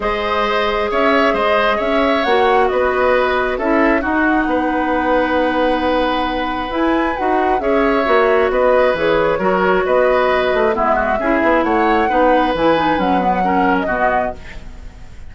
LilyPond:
<<
  \new Staff \with { instrumentName = "flute" } { \time 4/4 \tempo 4 = 134 dis''2 e''4 dis''4 | e''4 fis''4 dis''2 | e''4 fis''2.~ | fis''2. gis''4 |
fis''4 e''2 dis''4 | cis''2 dis''2 | e''2 fis''2 | gis''4 fis''4.~ fis''16 dis''4~ dis''16 | }
  \new Staff \with { instrumentName = "oboe" } { \time 4/4 c''2 cis''4 c''4 | cis''2 b'2 | a'4 fis'4 b'2~ | b'1~ |
b'4 cis''2 b'4~ | b'4 ais'4 b'2 | e'8 fis'8 gis'4 cis''4 b'4~ | b'2 ais'4 fis'4 | }
  \new Staff \with { instrumentName = "clarinet" } { \time 4/4 gis'1~ | gis'4 fis'2. | e'4 dis'2.~ | dis'2. e'4 |
fis'4 gis'4 fis'2 | gis'4 fis'2. | b4 e'2 dis'4 | e'8 dis'8 cis'8 b8 cis'4 b4 | }
  \new Staff \with { instrumentName = "bassoon" } { \time 4/4 gis2 cis'4 gis4 | cis'4 ais4 b2 | cis'4 dis'4 b2~ | b2. e'4 |
dis'4 cis'4 ais4 b4 | e4 fis4 b4. a8 | gis4 cis'8 b8 a4 b4 | e4 fis2 b,4 | }
>>